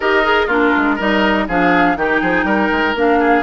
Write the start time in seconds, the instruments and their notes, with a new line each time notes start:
0.00 bassoon D#4, clarinet G4, oboe A#4, flute D#5
0.24 clarinet G#4
0.47 bassoon A#3, clarinet D4, oboe F4, flute A#4
0.76 bassoon G#3
0.95 bassoon G3, clarinet D#4, oboe A#4, flute D#5
1.48 bassoon F3, clarinet D4, oboe G#4, flute F5
1.96 bassoon D#3, clarinet D#4, oboe G4, flute G5
2.21 bassoon F3, oboe G#4
2.44 bassoon G3, oboe A#4
2.71 bassoon G#3
2.95 bassoon A#3, clarinet D4, flute F5
3.19 oboe G#4